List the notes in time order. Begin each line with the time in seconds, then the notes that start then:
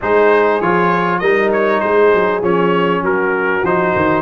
0.01 G#3 D#4 G#4 C5
0.61 F3 F4 C#5
1.19 G3 D#4 A#4 D#5
1.52 C#5
1.80 G#3 G#4 C5
2.14 F#3
2.41 F3 C#4 C#5
3.01 F#3 F#4 A#4
3.62 F3 D#4 C5
3.95 D#3